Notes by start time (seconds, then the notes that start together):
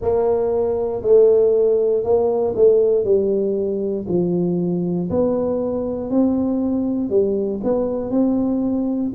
0.01 A#3
1.02 A3
2.03 A#3
2.55 A3
3.04 G3
4.08 F3
5.09 B3
6.10 C4
7.09 G3
7.63 B3
8.10 C4